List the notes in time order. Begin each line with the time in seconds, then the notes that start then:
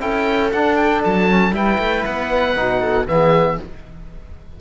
0.00 C#4 E4 A4 G5
0.51 D4 F#5
0.76 G5
1.04 F#3 A5
1.29 C#4
1.52 G3 E4 B4 G5
1.79 A3
2.05 B3 F#5
2.55 B2 D#4
2.80 A4
3.06 E3 B3 G#4 E5